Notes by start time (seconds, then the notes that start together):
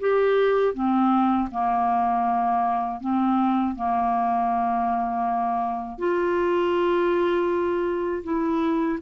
0.00 G4
0.74 C4
1.51 A#3
3.00 C4
3.75 A#3
5.98 F4
8.24 E4